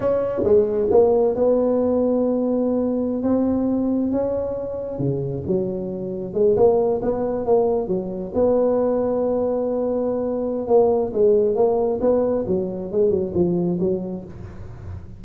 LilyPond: \new Staff \with { instrumentName = "tuba" } { \time 4/4 \tempo 4 = 135 cis'4 gis4 ais4 b4~ | b2.~ b16 c'8.~ | c'4~ c'16 cis'2 cis8.~ | cis16 fis2 gis8 ais4 b16~ |
b8. ais4 fis4 b4~ b16~ | b1 | ais4 gis4 ais4 b4 | fis4 gis8 fis8 f4 fis4 | }